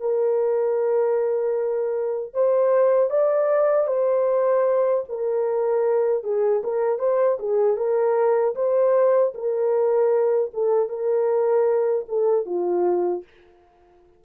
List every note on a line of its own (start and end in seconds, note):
0.00 2.34 A#4
2.34 3.10 C5
3.10 3.87 D5
3.87 5.04 C5
5.09 6.24 A#4
6.24 6.63 G#4
6.64 6.99 A#4
6.99 7.38 C5
7.39 7.77 G#4
7.77 8.55 A#4
8.55 9.33 C5
9.34 10.51 A#4
10.53 10.89 A4
10.89 12.06 A#4
12.08 12.46 A4
12.46 13.24 F4